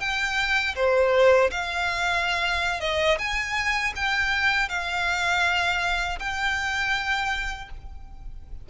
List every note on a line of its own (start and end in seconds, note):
0.00 0.75 G5
0.76 1.51 C5
1.51 2.81 F5
2.81 3.18 D#5
3.19 3.94 G#5
3.96 4.69 G5
4.69 6.19 F5
6.19 7.69 G5